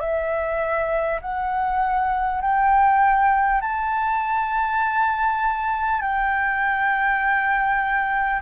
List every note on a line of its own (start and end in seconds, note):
0.00 1.20 E5
1.21 2.41 F#5
2.41 3.61 G5
3.61 6.01 A5
6.01 8.41 G5